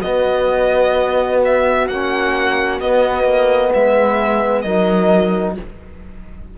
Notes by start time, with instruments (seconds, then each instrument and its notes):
0.00 cello B3, trombone B3, horn F#4, violin D#5
1.44 violin E5
1.87 cello A#3, trombone C#4, violin F#5
2.80 cello B3, trombone B3, violin D#5
3.23 cello A#3
3.73 cello G#3, horn B4, violin E5
4.61 cello F#3, trombone D#4, horn A#4, violin D#5